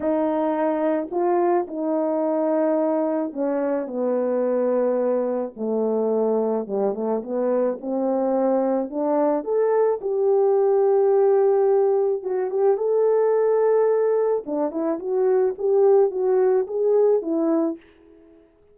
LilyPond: \new Staff \with { instrumentName = "horn" } { \time 4/4 \tempo 4 = 108 dis'2 f'4 dis'4~ | dis'2 cis'4 b4~ | b2 a2 | g8 a8 b4 c'2 |
d'4 a'4 g'2~ | g'2 fis'8 g'8 a'4~ | a'2 d'8 e'8 fis'4 | g'4 fis'4 gis'4 e'4 | }